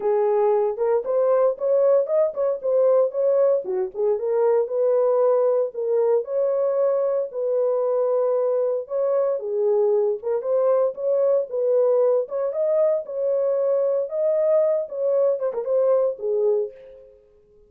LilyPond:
\new Staff \with { instrumentName = "horn" } { \time 4/4 \tempo 4 = 115 gis'4. ais'8 c''4 cis''4 | dis''8 cis''8 c''4 cis''4 fis'8 gis'8 | ais'4 b'2 ais'4 | cis''2 b'2~ |
b'4 cis''4 gis'4. ais'8 | c''4 cis''4 b'4. cis''8 | dis''4 cis''2 dis''4~ | dis''8 cis''4 c''16 ais'16 c''4 gis'4 | }